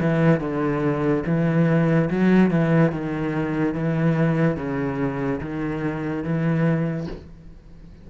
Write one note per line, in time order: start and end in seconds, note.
0.00 0.40 E3
0.40 1.23 D3
1.26 2.09 E3
2.10 2.51 F#3
2.51 2.92 E3
2.92 3.74 D#3
3.74 4.56 E3
4.56 5.40 C#3
5.41 6.23 D#3
6.23 7.07 E3